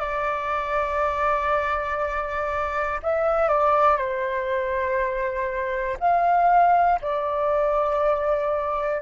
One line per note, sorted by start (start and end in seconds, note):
0.00 3.00 D5
3.03 3.48 E5
3.48 3.97 D5
3.97 5.97 C5
6.00 7.00 F5
7.01 9.01 D5